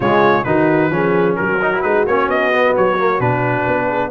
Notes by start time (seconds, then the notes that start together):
0.00 C#3 G#3 F4 C#5
0.44 D#3 D#4 F#4 B4
0.90 F3 C#4 G#4
1.36 F#3 F#4 A#4
1.61 D#4
1.74 E4
1.81 G#3 D#4 B4
2.06 A#3 C#4 C#5
2.27 B3 D#5
2.52 B3
2.76 F#3 C#5
2.98 A#3
3.19 B2 D4 B4
3.67 B3
3.87 G#4